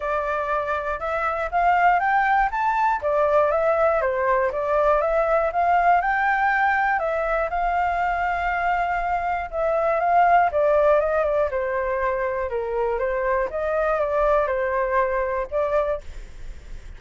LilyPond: \new Staff \with { instrumentName = "flute" } { \time 4/4 \tempo 4 = 120 d''2 e''4 f''4 | g''4 a''4 d''4 e''4 | c''4 d''4 e''4 f''4 | g''2 e''4 f''4~ |
f''2. e''4 | f''4 d''4 dis''8 d''8 c''4~ | c''4 ais'4 c''4 dis''4 | d''4 c''2 d''4 | }